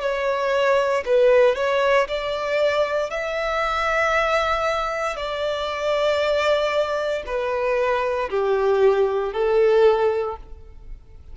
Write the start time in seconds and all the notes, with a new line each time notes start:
0.00 C#5
1.05 B4
1.55 C#5
2.08 D5
3.10 E5
5.16 D5
7.26 B4
8.29 G4
9.33 A4